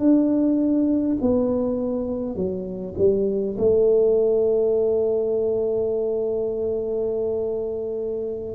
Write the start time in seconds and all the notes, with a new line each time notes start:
0.00 D4
1.22 B3
2.36 F#3
2.98 G3
3.59 A3